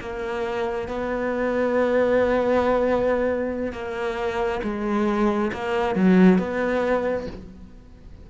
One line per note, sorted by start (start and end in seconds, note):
0.00 0.88 A#3
0.88 3.72 B3
3.72 4.60 A#3
4.63 5.51 G#3
5.52 5.95 A#3
5.95 6.38 F#3
6.38 7.26 B3